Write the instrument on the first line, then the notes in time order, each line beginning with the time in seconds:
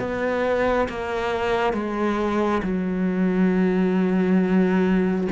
cello
0.00 B3
0.89 A#3
1.74 G#3
2.63 F#3